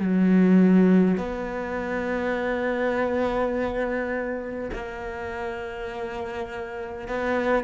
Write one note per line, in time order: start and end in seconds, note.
0.00 1.17 F#3
1.17 4.70 B3
4.73 7.08 A#3
7.08 7.64 B3